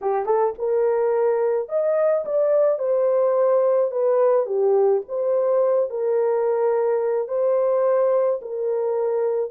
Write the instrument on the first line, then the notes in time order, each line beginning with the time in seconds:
horn
0.01 G4
0.25 A4
0.58 A#4
1.68 D#5
2.25 D5
2.79 C5
3.91 B4
4.46 G4
5.08 C5
5.90 A#4
7.27 C5
8.41 A#4